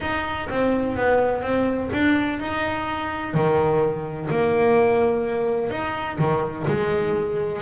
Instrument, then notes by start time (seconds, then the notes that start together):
double bass
0.00 D#4
0.49 C4
0.96 B3
1.42 C4
1.93 D4
2.39 D#4
3.34 D#3
4.30 A#3
5.70 D#4
6.18 D#3
6.67 G#3